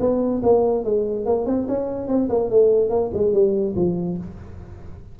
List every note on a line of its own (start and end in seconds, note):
0.00 0.42 B3
0.43 0.84 A#3
0.84 1.26 G#3
1.26 1.46 A#3
1.46 1.67 C4
1.68 2.08 C#4
2.08 2.29 C4
2.29 2.50 A#3
2.50 2.90 A3
2.90 3.11 A#3
3.14 3.33 G#3
3.33 3.75 G3
3.76 4.18 F3